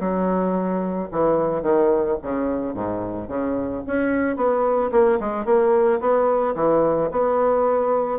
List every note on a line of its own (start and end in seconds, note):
0.00 1.09 F#3
1.12 1.63 E3
1.63 2.17 D#3
2.23 2.74 C#3
2.74 3.28 G#2
3.28 3.83 C#3
3.87 4.37 C#4
4.37 4.91 B3
4.92 5.19 A#3
5.20 5.45 G#3
5.45 6.00 A#3
6.00 6.55 B3
6.56 7.10 E3
7.11 8.19 B3